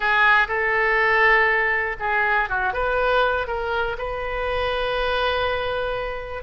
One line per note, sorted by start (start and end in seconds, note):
0.00 0.47 G#4
0.47 1.96 A4
1.99 2.49 G#4
2.49 2.73 F#4
2.73 3.47 B4
3.47 3.96 A#4
3.98 6.43 B4